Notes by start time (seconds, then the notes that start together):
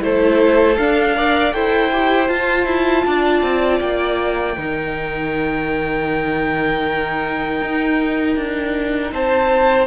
0.00 A3 E4 A4 C5
0.78 D4 F5
1.16 A#4 D5
1.53 E4 A4 C5 G5
1.93 G4
2.28 F4 A5
2.66 E4
3.07 D4 D5
3.42 C4
3.81 A#3 G5
4.57 D#3 D#4 A#4
7.61 D#4
8.37 D4
9.12 C4 C5 A5